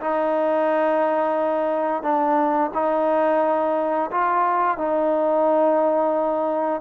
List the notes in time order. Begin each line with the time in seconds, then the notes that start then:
0.00 D#4
2.02 D4
2.73 D#4
4.11 F4
4.77 D#4